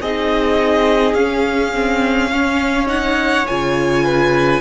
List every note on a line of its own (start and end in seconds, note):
0.00 1.14 C4
0.00 1.15 D#4
0.00 2.31 G#4
0.00 1.14 D#5
1.14 3.44 C#4
1.14 1.73 C#4
1.14 2.87 F5
1.73 2.31 C4
2.31 2.86 C#4
2.31 4.04 C#5
2.86 3.44 D#4
2.86 3.46 F#5
3.47 4.61 C#3
3.47 4.61 F4
3.47 4.61 G#5
4.04 4.61 B4